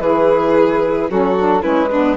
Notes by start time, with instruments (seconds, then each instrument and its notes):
0.00 bassoon E3, saxophone E4, violin G#4, flute B4
1.10 bassoon F#3, saxophone C#4, violin F#4, flute A4
1.39 saxophone D4
1.62 bassoon G#3, saxophone C#4, violin E4, flute B4
1.91 saxophone B3, violin D4